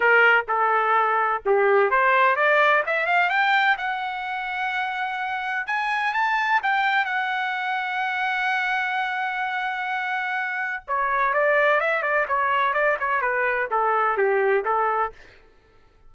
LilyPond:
\new Staff \with { instrumentName = "trumpet" } { \time 4/4 \tempo 4 = 127 ais'4 a'2 g'4 | c''4 d''4 e''8 f''8 g''4 | fis''1 | gis''4 a''4 g''4 fis''4~ |
fis''1~ | fis''2. cis''4 | d''4 e''8 d''8 cis''4 d''8 cis''8 | b'4 a'4 g'4 a'4 | }